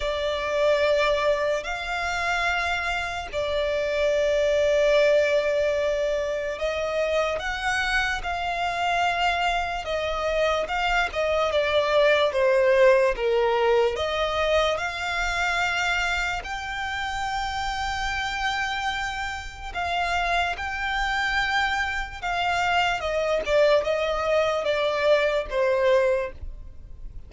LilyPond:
\new Staff \with { instrumentName = "violin" } { \time 4/4 \tempo 4 = 73 d''2 f''2 | d''1 | dis''4 fis''4 f''2 | dis''4 f''8 dis''8 d''4 c''4 |
ais'4 dis''4 f''2 | g''1 | f''4 g''2 f''4 | dis''8 d''8 dis''4 d''4 c''4 | }